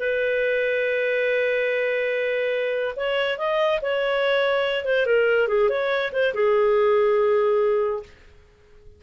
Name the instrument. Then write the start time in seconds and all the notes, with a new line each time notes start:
clarinet
0.00 B4
2.96 C#5
3.38 D#5
3.82 C#5
4.85 C5
5.07 A#4
5.49 G#4
5.69 C#5
6.13 C5
6.34 G#4